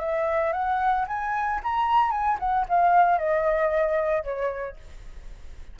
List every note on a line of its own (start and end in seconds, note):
0.00 0.53 E5
0.53 1.06 F#5
1.08 1.61 G#5
1.64 2.11 A#5
2.11 2.38 G#5
2.40 2.66 F#5
2.69 3.18 F5
3.18 4.24 D#5
4.24 4.77 C#5